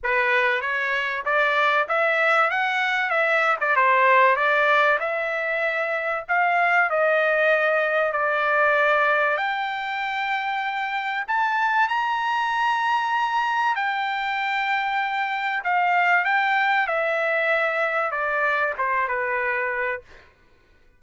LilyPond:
\new Staff \with { instrumentName = "trumpet" } { \time 4/4 \tempo 4 = 96 b'4 cis''4 d''4 e''4 | fis''4 e''8. d''16 c''4 d''4 | e''2 f''4 dis''4~ | dis''4 d''2 g''4~ |
g''2 a''4 ais''4~ | ais''2 g''2~ | g''4 f''4 g''4 e''4~ | e''4 d''4 c''8 b'4. | }